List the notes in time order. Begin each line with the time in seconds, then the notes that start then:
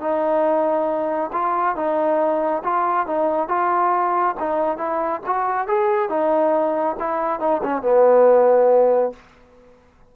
0.00 D#4
1.32 F4
1.75 D#4
2.64 F4
3.07 D#4
3.48 F4
4.40 D#4
4.77 E4
5.26 F#4
5.67 G#4
6.09 D#4
6.99 E4
7.40 D#4
7.63 C#4
7.82 B3